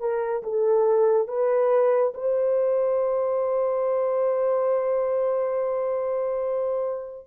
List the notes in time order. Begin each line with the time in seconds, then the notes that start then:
0.00 A#4
0.43 A4
1.28 B4
2.14 C5